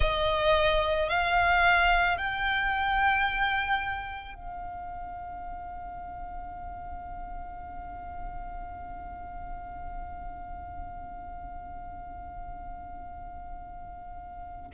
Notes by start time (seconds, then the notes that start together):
0.00 D#5
1.09 F5
2.17 G5
4.34 F5